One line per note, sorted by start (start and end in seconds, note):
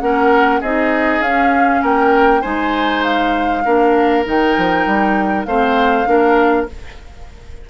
0.00 0.61 A#3
0.00 0.62 C#4
0.00 0.60 A#4
0.00 0.61 F#5
0.60 1.20 C4
0.60 1.23 D#4
0.60 1.81 G#4
0.60 1.22 D#5
1.20 1.80 C#4
1.20 2.42 C#4
1.20 1.82 F5
1.82 2.43 A#3
1.82 2.41 A#4
1.82 2.42 G5
2.41 3.65 G#3
2.41 3.63 D#4
2.41 3.62 C5
2.41 3.02 G#5
3.03 4.24 F5
3.64 4.26 A#3
3.64 4.25 D4
3.64 5.46 A#4
4.25 4.56 D#3
4.25 5.46 D#4
4.25 5.44 G5
4.57 4.85 F3
4.85 5.46 G3
5.44 6.06 A3
5.44 6.05 C4
5.44 6.08 C5
5.44 6.66 F5
6.05 6.67 A#3
6.05 6.66 D4
6.05 6.69 A#4